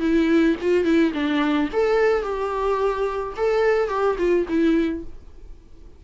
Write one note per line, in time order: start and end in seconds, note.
0.00 0.56 E4
0.61 0.84 F4
0.84 1.12 E4
1.13 1.69 D4
1.73 2.22 A4
2.22 3.33 G4
3.37 3.88 A4
3.88 4.16 G4
4.18 4.46 F4
4.48 5.04 E4